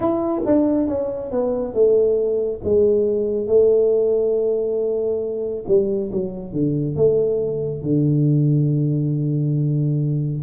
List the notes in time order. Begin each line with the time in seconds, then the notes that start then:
0.00 E4
0.45 D4
0.87 C#4
1.31 B3
1.74 A3
2.64 G#3
3.47 A3
5.67 G3
6.11 F#3
6.52 D3
6.96 A3
7.82 D3